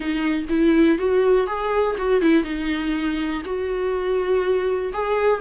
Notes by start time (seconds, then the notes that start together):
0.00 D#4
0.49 E4
0.98 F#4
1.46 G#4
1.98 F#4
2.21 E4
2.43 D#4
3.45 F#4
4.93 G#4